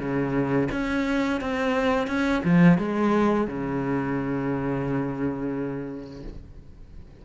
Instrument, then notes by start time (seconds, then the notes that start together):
cello
0.00 C#3
0.72 C#4
1.41 C4
2.08 C#4
2.45 F3
2.79 G#3
3.48 C#3